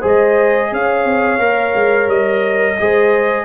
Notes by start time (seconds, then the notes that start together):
0.00 G#3 G#4 C5
0.06 D#5
0.72 C#4 C#5 F5
1.04 C4
1.38 A#3 A#4
1.75 G#3
2.07 G3 D#5
2.79 G#3 G#4 C5